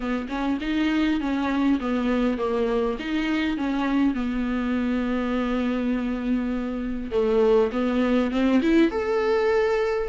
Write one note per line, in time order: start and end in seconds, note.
0.00 0.27 B3
0.28 0.58 C#4
0.60 1.20 D#4
1.20 1.79 C#4
1.80 2.38 B3
2.38 2.97 A#3
2.99 3.57 D#4
3.57 4.14 C#4
4.14 7.11 B3
7.11 7.70 A3
7.71 8.31 B3
8.31 8.61 C4
8.61 8.91 E4
8.91 10.08 A4